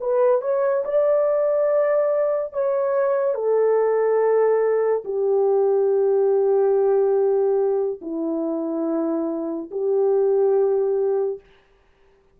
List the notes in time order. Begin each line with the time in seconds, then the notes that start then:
0.00 B4
0.41 C#5
0.85 D5
2.52 C#5
3.34 A4
5.04 G4
8.01 E4
9.71 G4